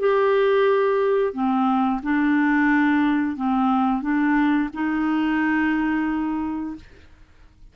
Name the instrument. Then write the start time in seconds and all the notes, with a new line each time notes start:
clarinet
0.00 G4
1.34 C4
2.03 D4
3.37 C4
4.02 D4
4.74 D#4